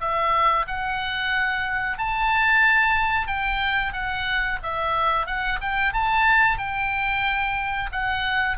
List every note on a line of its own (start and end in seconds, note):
0.00 0.66 E5
0.67 1.98 F#5
1.98 3.27 A5
3.27 3.93 G5
3.93 4.59 F#5
4.63 5.26 E5
5.26 5.59 F#5
5.61 5.93 G5
5.93 6.58 A5
6.58 7.90 G5
7.92 8.57 F#5